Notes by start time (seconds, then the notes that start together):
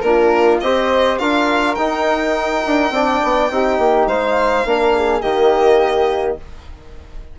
0.00 A#3 D4 F4 A#4
0.60 C4 G4 C5 D#5
1.18 D4 F4 A#4 F5
1.75 D#4 G5
2.65 D4
2.90 C4 D4 D5
3.23 B3
3.50 C4 D#4 G4
3.78 A#3
4.07 G#3 C5 F5
4.65 A#3 D4 A#4
4.95 G#4
5.21 D#3 A#3 G4 D#5